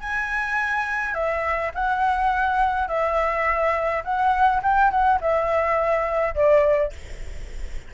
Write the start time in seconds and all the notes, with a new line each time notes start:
0.00 G#5
1.14 E5
1.74 F#5
2.88 E5
4.04 F#5
4.62 G5
4.90 F#5
5.21 E5
6.34 D5